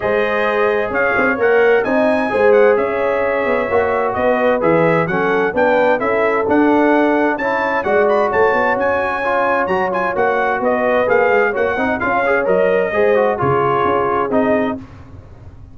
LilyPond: <<
  \new Staff \with { instrumentName = "trumpet" } { \time 4/4 \tempo 4 = 130 dis''2 f''4 fis''4 | gis''4. fis''8 e''2~ | e''4 dis''4 e''4 fis''4 | g''4 e''4 fis''2 |
a''4 fis''8 b''8 a''4 gis''4~ | gis''4 ais''8 gis''8 fis''4 dis''4 | f''4 fis''4 f''4 dis''4~ | dis''4 cis''2 dis''4 | }
  \new Staff \with { instrumentName = "horn" } { \time 4/4 c''2 cis''2 | dis''4 c''4 cis''2~ | cis''4 b'2 a'4 | b'4 a'2. |
cis''4 d''4 cis''2~ | cis''2. b'4~ | b'4 cis''8 dis''8 cis''2 | c''4 gis'2. | }
  \new Staff \with { instrumentName = "trombone" } { \time 4/4 gis'2. ais'4 | dis'4 gis'2. | fis'2 gis'4 cis'4 | d'4 e'4 d'2 |
e'4 fis'2. | f'4 fis'8 f'8 fis'2 | gis'4 fis'8 dis'8 f'8 gis'8 ais'4 | gis'8 fis'8 f'2 dis'4 | }
  \new Staff \with { instrumentName = "tuba" } { \time 4/4 gis2 cis'8 c'8 ais4 | c'4 gis4 cis'4. b8 | ais4 b4 e4 fis4 | b4 cis'4 d'2 |
cis'4 gis4 a8 b8 cis'4~ | cis'4 fis4 ais4 b4 | ais8 gis8 ais8 c'8 cis'4 fis4 | gis4 cis4 cis'4 c'4 | }
>>